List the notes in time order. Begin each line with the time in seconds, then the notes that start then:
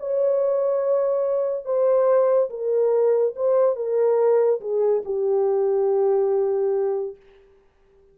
0.00 C#5
1.65 C5
2.50 A#4
3.36 C5
3.76 A#4
4.61 G#4
5.05 G4